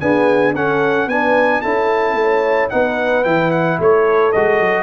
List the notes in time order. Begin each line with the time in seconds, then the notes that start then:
0.00 B3 D4 G#4 G#5
0.54 C#4 A4 F#5
1.07 B3 D4 B4 G#5
1.61 C#4 E4 A4 A5
2.14 A3
2.21 C#5
2.70 B3 D#4 B4 F#5
3.24 E3 E4 G5
3.51 F#5
3.79 A3 A4 C#5
4.32 G#3 F#4 D#5
4.60 F#3